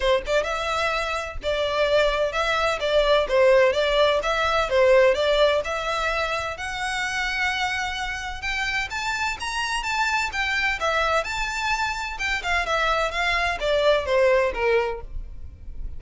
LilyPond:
\new Staff \with { instrumentName = "violin" } { \time 4/4 \tempo 4 = 128 c''8 d''8 e''2 d''4~ | d''4 e''4 d''4 c''4 | d''4 e''4 c''4 d''4 | e''2 fis''2~ |
fis''2 g''4 a''4 | ais''4 a''4 g''4 e''4 | a''2 g''8 f''8 e''4 | f''4 d''4 c''4 ais'4 | }